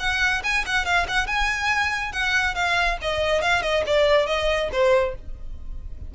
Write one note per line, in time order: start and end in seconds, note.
0.00 0.43 F#5
0.44 0.65 G#5
0.66 0.85 F#5
0.85 1.07 F5
1.08 1.27 F#5
1.27 2.13 G#5
2.13 2.55 F#5
2.55 2.98 F5
3.02 3.42 D#5
3.42 3.62 F5
3.62 3.84 D#5
3.86 4.27 D5
4.27 4.70 D#5
4.72 5.15 C5